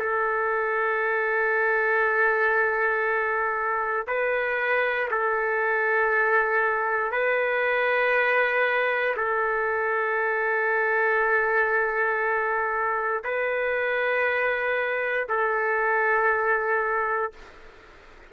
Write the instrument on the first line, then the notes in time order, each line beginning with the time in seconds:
trumpet
0.00 A4
4.07 B4
5.11 A4
7.12 B4
9.17 A4
13.24 B4
15.29 A4